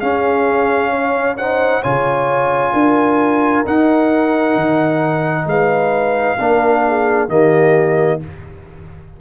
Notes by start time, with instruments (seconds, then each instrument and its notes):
0.00 trombone C#4, tuba C#4, horn G#4, trumpet F5
0.91 horn C#5
1.37 trombone D#4, horn C5, trumpet F#5
1.81 tuba C#3, trombone F4, horn C#5, trumpet G#5
2.73 tuba D4, horn A#4
3.65 trombone D#4, tuba D#4, trumpet F#5
4.55 tuba D#3
5.46 tuba G#3, horn B4, trumpet F5
6.38 tuba A#3, trombone D4, horn A#4
6.87 horn G#4
7.28 tuba D#3, trombone A#3, horn G4, trumpet D#5